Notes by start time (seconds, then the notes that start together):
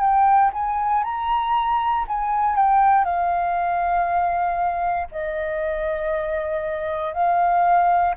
0.00 G5
0.53 G#5
1.04 A#5
2.08 G#5
2.56 G5
3.04 F5
5.11 D#5
7.13 F5